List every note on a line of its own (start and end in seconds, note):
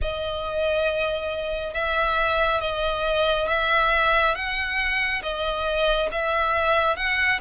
0.01 1.74 D#5
1.74 2.60 E5
2.60 3.47 D#5
3.48 4.35 E5
4.35 5.22 F#5
5.22 6.09 D#5
6.11 6.96 E5
6.96 7.39 F#5